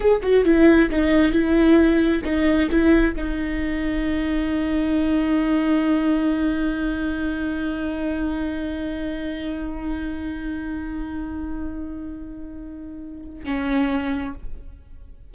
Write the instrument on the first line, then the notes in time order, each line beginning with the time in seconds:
viola
0.00 G#4
0.22 F#4
0.44 E4
0.90 D#4
1.32 E4
2.24 D#4
2.70 E4
3.15 D#4
13.44 C#4